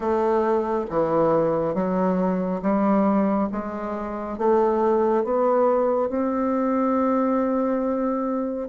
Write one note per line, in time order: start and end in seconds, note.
0.00 0.85 A3
0.90 1.74 E3
1.74 2.61 F#3
2.62 3.49 G3
3.51 4.38 G#3
4.38 5.24 A3
5.24 6.09 B3
6.09 8.68 C4